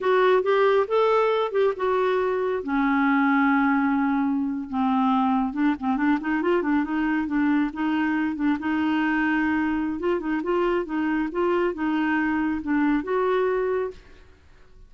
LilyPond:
\new Staff \with { instrumentName = "clarinet" } { \time 4/4 \tempo 4 = 138 fis'4 g'4 a'4. g'8 | fis'2 cis'2~ | cis'2~ cis'8. c'4~ c'16~ | c'8. d'8 c'8 d'8 dis'8 f'8 d'8 dis'16~ |
dis'8. d'4 dis'4. d'8 dis'16~ | dis'2. f'8 dis'8 | f'4 dis'4 f'4 dis'4~ | dis'4 d'4 fis'2 | }